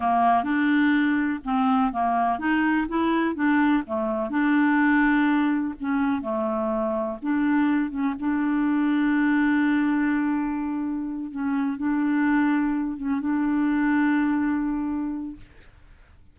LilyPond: \new Staff \with { instrumentName = "clarinet" } { \time 4/4 \tempo 4 = 125 ais4 d'2 c'4 | ais4 dis'4 e'4 d'4 | a4 d'2. | cis'4 a2 d'4~ |
d'8 cis'8 d'2.~ | d'2.~ d'8 cis'8~ | cis'8 d'2~ d'8 cis'8 d'8~ | d'1 | }